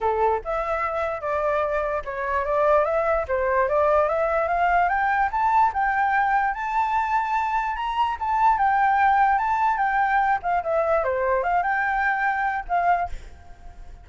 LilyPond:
\new Staff \with { instrumentName = "flute" } { \time 4/4 \tempo 4 = 147 a'4 e''2 d''4~ | d''4 cis''4 d''4 e''4 | c''4 d''4 e''4 f''4 | g''4 a''4 g''2 |
a''2. ais''4 | a''4 g''2 a''4 | g''4. f''8 e''4 c''4 | f''8 g''2~ g''8 f''4 | }